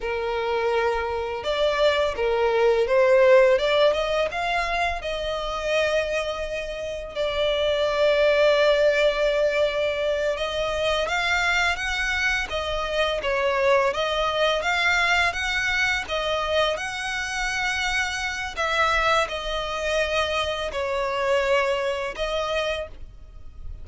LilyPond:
\new Staff \with { instrumentName = "violin" } { \time 4/4 \tempo 4 = 84 ais'2 d''4 ais'4 | c''4 d''8 dis''8 f''4 dis''4~ | dis''2 d''2~ | d''2~ d''8 dis''4 f''8~ |
f''8 fis''4 dis''4 cis''4 dis''8~ | dis''8 f''4 fis''4 dis''4 fis''8~ | fis''2 e''4 dis''4~ | dis''4 cis''2 dis''4 | }